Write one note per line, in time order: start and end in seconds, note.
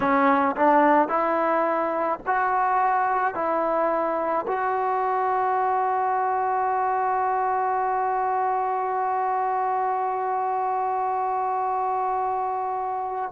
0.00 0.55 C#4
0.56 1.08 D4
1.08 2.19 E4
2.26 3.34 F#4
3.34 4.45 E4
4.47 13.32 F#4